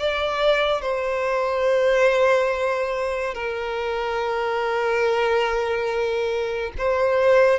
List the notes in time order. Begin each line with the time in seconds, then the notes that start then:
0.00 D5
0.82 C5
3.35 A#4
6.78 C5